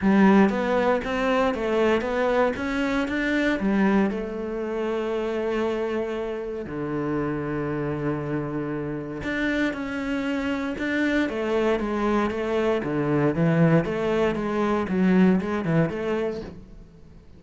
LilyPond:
\new Staff \with { instrumentName = "cello" } { \time 4/4 \tempo 4 = 117 g4 b4 c'4 a4 | b4 cis'4 d'4 g4 | a1~ | a4 d2.~ |
d2 d'4 cis'4~ | cis'4 d'4 a4 gis4 | a4 d4 e4 a4 | gis4 fis4 gis8 e8 a4 | }